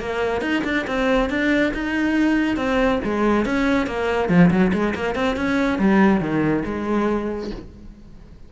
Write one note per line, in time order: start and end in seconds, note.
0.00 0.42 A#3
0.42 0.63 D#4
0.64 0.86 D4
0.87 1.30 C4
1.30 1.73 D4
1.74 2.57 D#4
2.57 3.00 C4
3.04 3.46 G#3
3.46 3.87 C#4
3.87 4.29 A#3
4.29 4.50 F3
4.51 4.72 F#3
4.73 4.95 G#3
4.95 5.15 A#3
5.15 5.36 C4
5.36 5.79 C#4
5.79 6.21 G3
6.21 6.64 D#3
6.65 7.51 G#3